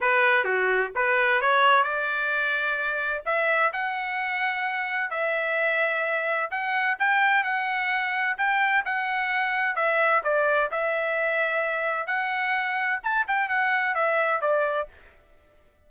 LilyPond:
\new Staff \with { instrumentName = "trumpet" } { \time 4/4 \tempo 4 = 129 b'4 fis'4 b'4 cis''4 | d''2. e''4 | fis''2. e''4~ | e''2 fis''4 g''4 |
fis''2 g''4 fis''4~ | fis''4 e''4 d''4 e''4~ | e''2 fis''2 | a''8 g''8 fis''4 e''4 d''4 | }